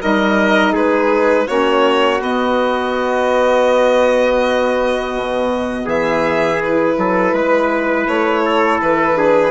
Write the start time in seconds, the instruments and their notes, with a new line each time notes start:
0.00 bassoon G3, saxophone D#4, trumpet A#4, violin D#5
0.72 bassoon G#3, trumpet G#4, violin B4
1.46 bassoon A#3, saxophone C#4, trumpet F#4, violin C#5
2.18 saxophone B3, bassoon B3, violin D#5
5.15 bassoon B2
5.85 bassoon E3, trumpet G#4, violin E5
6.63 saxophone E4, violin B4
6.97 bassoon F#3, trumpet A4
7.32 bassoon G#3, trumpet B4
8.07 bassoon A3, violin C#5
8.45 trumpet A4
8.81 bassoon E3, violin B4
9.13 saxophone D4, trumpet G#4